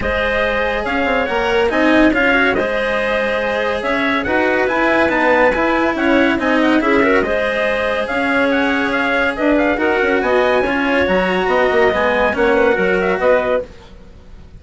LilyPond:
<<
  \new Staff \with { instrumentName = "trumpet" } { \time 4/4 \tempo 4 = 141 dis''2 f''4 fis''4 | gis''4 f''4 dis''2~ | dis''4 e''4 fis''4 gis''4 | a''4 gis''4 fis''4 gis''8 fis''8 |
e''4 dis''2 f''4 | fis''4 f''4 dis''8 f''8 fis''4 | gis''2 ais''2 | gis''4 fis''4. e''8 dis''4 | }
  \new Staff \with { instrumentName = "clarinet" } { \time 4/4 c''2 cis''2 | dis''4 cis''4 c''2~ | c''4 cis''4 b'2~ | b'2 cis''4 dis''4 |
gis'8 ais'8 c''2 cis''4~ | cis''2 b'4 ais'4 | dis''4 cis''2 dis''4~ | dis''4 cis''8 b'8 ais'4 b'4 | }
  \new Staff \with { instrumentName = "cello" } { \time 4/4 gis'2. ais'4 | dis'4 f'8 fis'8 gis'2~ | gis'2 fis'4 e'4 | b4 e'2 dis'4 |
e'8 fis'8 gis'2.~ | gis'2. fis'4~ | fis'4 f'4 fis'2 | b4 cis'4 fis'2 | }
  \new Staff \with { instrumentName = "bassoon" } { \time 4/4 gis2 cis'8 c'8 ais4 | c'4 cis'4 gis2~ | gis4 cis'4 dis'4 e'4 | dis'4 e'4 cis'4 c'4 |
cis'4 gis2 cis'4~ | cis'2 d'4 dis'8 cis'8 | b4 cis'4 fis4 b8 ais8 | gis4 ais4 fis4 b4 | }
>>